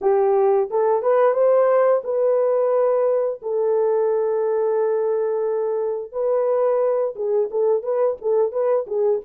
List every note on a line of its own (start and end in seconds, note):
0.01 0.69 G4
0.70 1.02 A4
1.02 1.33 B4
1.33 2.01 C5
2.04 3.40 B4
3.42 6.12 A4
6.12 7.14 B4
7.15 7.49 G#4
7.51 7.82 A4
7.82 8.16 B4
8.21 8.52 A4
8.52 8.86 B4
8.86 9.20 G#4